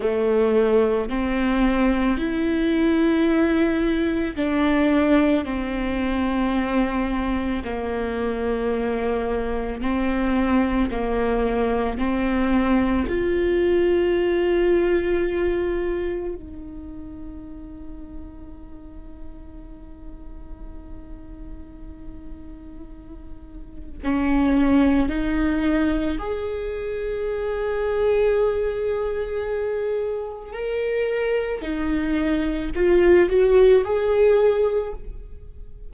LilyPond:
\new Staff \with { instrumentName = "viola" } { \time 4/4 \tempo 4 = 55 a4 c'4 e'2 | d'4 c'2 ais4~ | ais4 c'4 ais4 c'4 | f'2. dis'4~ |
dis'1~ | dis'2 cis'4 dis'4 | gis'1 | ais'4 dis'4 f'8 fis'8 gis'4 | }